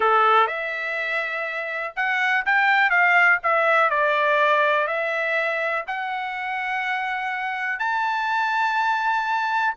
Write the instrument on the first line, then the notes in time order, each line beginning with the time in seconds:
trumpet
0.00 A4
0.47 E5
1.96 F#5
2.45 G5
2.90 F5
3.43 E5
3.90 D5
4.87 E5
5.87 F#5
7.79 A5